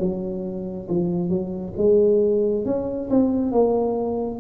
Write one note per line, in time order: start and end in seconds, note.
0.00 0.88 F#3
0.89 1.30 F3
1.30 1.74 F#3
1.78 2.66 G#3
2.66 3.10 C#4
3.10 3.52 C4
3.52 4.40 A#3